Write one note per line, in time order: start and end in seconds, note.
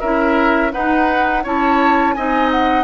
0.00 0.73 C#4
0.00 0.71 E4
0.00 0.71 A#4
0.00 0.71 E5
0.71 1.43 D#4
0.71 1.45 D#4
0.71 1.43 B4
0.71 1.43 F#5
1.43 2.16 C#4
1.43 2.16 E4
1.43 2.14 C#5
1.43 2.14 A5
2.14 2.84 C4
2.14 2.84 D#4
2.14 2.84 D#5
2.14 2.49 G#5
2.51 2.84 F#5